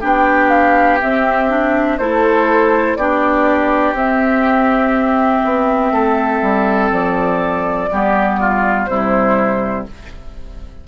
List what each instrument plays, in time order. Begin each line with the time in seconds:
0.00 bassoon B3, clarinet D4, oboe G4
0.06 flute G5
0.49 flute F5
1.01 clarinet C4, bassoon C4, flute E5
1.50 clarinet D4
1.98 bassoon A3, clarinet E4, oboe A4, flute C5
2.96 bassoon B3, clarinet D4, oboe G4, flute D5
3.93 bassoon C4, clarinet C4, flute E5
5.44 bassoon B3
5.92 bassoon A3, oboe A4
6.42 bassoon G3
6.91 bassoon F3, flute D5
7.92 bassoon G3, clarinet B3, oboe G4
8.40 oboe F4
8.86 bassoon C3, clarinet G3, oboe E4, flute C5